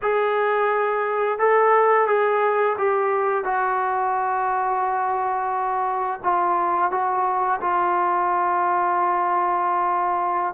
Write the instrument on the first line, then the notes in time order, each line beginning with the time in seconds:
trombone
0.02 G#4
1.39 A4
2.07 G#4
2.77 G4
3.44 F#4
6.23 F4
6.91 F#4
7.61 F4